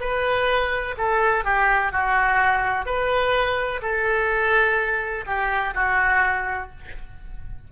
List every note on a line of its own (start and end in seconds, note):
0.00 0.95 B4
0.98 1.44 A4
1.44 1.92 G4
1.92 2.85 F#4
2.85 3.81 B4
3.82 5.25 A4
5.26 5.74 G4
5.74 6.70 F#4